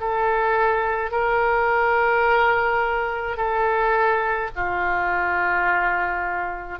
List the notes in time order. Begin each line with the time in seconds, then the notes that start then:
0.00 A4
1.11 A#4
3.37 A4
4.55 F4